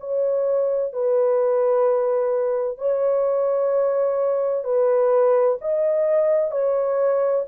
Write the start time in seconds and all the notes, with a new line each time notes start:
0.00 C#5
0.92 B4
2.78 C#5
4.64 B4
5.61 D#5
6.51 C#5